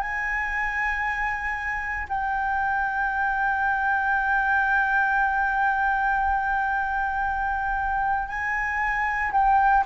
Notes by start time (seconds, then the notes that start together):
0.00 G#5
2.09 G5
8.28 G#5
9.32 G5